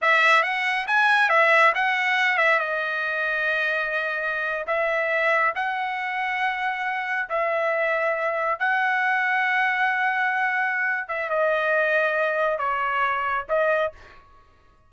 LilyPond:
\new Staff \with { instrumentName = "trumpet" } { \time 4/4 \tempo 4 = 138 e''4 fis''4 gis''4 e''4 | fis''4. e''8 dis''2~ | dis''2~ dis''8. e''4~ e''16~ | e''8. fis''2.~ fis''16~ |
fis''8. e''2. fis''16~ | fis''1~ | fis''4. e''8 dis''2~ | dis''4 cis''2 dis''4 | }